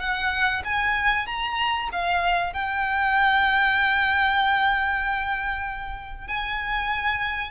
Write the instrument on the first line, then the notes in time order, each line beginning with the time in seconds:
violin
0.00 F#5
0.64 G#5
1.26 A#5
1.92 F5
2.53 G5
6.28 G#5